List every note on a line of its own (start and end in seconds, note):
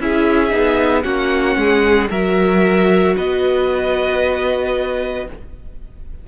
0.00 0.52 C#4
0.00 0.49 E4
0.00 1.04 G#4
0.00 1.03 E5
0.49 1.04 B3
0.49 1.02 D#4
1.03 1.56 A#3
1.03 2.09 C#4
1.03 1.57 F#4
1.03 2.08 F#5
1.56 2.09 G#3
1.56 2.10 G#4
2.10 3.16 F#3
2.10 5.27 F#4
2.10 3.16 A#4
2.10 3.16 E5
3.17 5.28 B3
3.17 5.27 B4
3.17 5.28 D#5